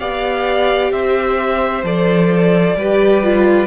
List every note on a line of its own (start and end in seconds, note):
0.00 0.92 B3
0.00 1.85 G4
0.00 0.92 D5
0.00 0.92 F5
0.92 1.84 C4
0.92 2.77 C5
0.92 1.85 E5
1.84 2.75 F3
1.84 2.78 A4
1.84 3.68 D5
2.75 3.68 G3
2.75 3.23 G4
2.75 3.68 B4
3.23 3.68 F4